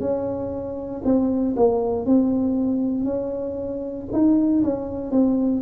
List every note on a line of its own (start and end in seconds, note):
0.00 1.02 C#4
1.04 1.55 C4
1.57 2.06 A#3
2.06 3.05 C4
3.05 4.06 C#4
4.12 4.63 D#4
4.64 5.11 C#4
5.11 5.62 C4